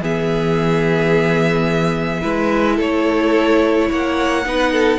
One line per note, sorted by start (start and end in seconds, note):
0.00 2.22 E3
0.00 2.22 B3
0.00 2.22 G#4
0.00 2.81 E5
2.22 2.79 G#3
2.22 4.45 E4
2.22 2.76 B4
2.76 3.90 A3
2.76 3.87 A4
2.76 3.92 C#5
3.89 4.46 A#3
3.89 4.44 C#5
3.89 4.98 F#5
4.45 4.98 B3
4.45 4.98 D#4
4.45 4.72 B4
4.72 4.98 A4